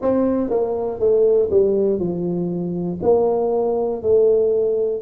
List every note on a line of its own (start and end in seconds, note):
0.01 0.50 C4
0.50 0.99 A#3
0.99 1.49 A3
1.50 1.99 G3
1.99 2.99 F3
3.02 4.02 A#3
4.02 5.01 A3